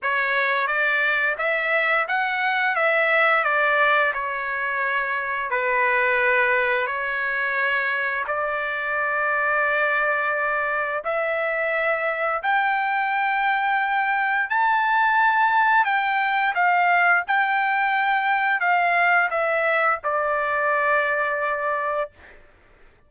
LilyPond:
\new Staff \with { instrumentName = "trumpet" } { \time 4/4 \tempo 4 = 87 cis''4 d''4 e''4 fis''4 | e''4 d''4 cis''2 | b'2 cis''2 | d''1 |
e''2 g''2~ | g''4 a''2 g''4 | f''4 g''2 f''4 | e''4 d''2. | }